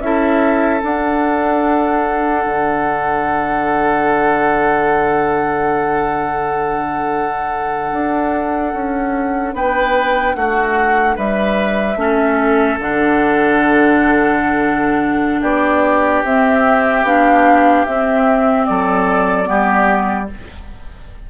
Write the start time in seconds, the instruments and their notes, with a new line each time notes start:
0.00 bassoon C#4, clarinet E4, oboe A4, flute E5
0.80 clarinet D4, bassoon D4, flute F#5
2.46 bassoon D3
7.92 bassoon D4
8.73 bassoon C#4
9.53 bassoon B3, oboe B4, flute G5
10.35 bassoon A3, oboe F#4, flute F#5
11.16 bassoon G3, oboe B4, flute E5
11.96 bassoon A3, clarinet C#4
12.02 oboe A4
12.79 bassoon D3, clarinet D4, flute F#5
15.41 bassoon B3, oboe G4, flute D5
16.24 bassoon C4, clarinet C4, flute E5
17.03 bassoon B3, clarinet D4, flute F5
17.85 bassoon C4, clarinet C4, flute E5
18.65 bassoon F#3, oboe A4, flute D5
19.45 bassoon G3, clarinet B3, oboe G4